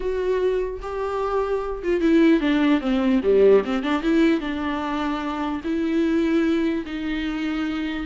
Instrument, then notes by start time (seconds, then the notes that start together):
viola
0.00 F#4
0.82 G4
1.83 F4
2.00 E4
2.40 D4
2.80 C4
3.23 G3
3.64 C4
3.82 D4
4.02 E4
4.40 D4
5.64 E4
6.85 D#4